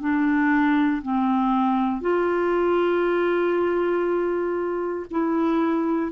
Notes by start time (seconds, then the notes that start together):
0.00 D4
1.02 C4
2.01 F4
5.10 E4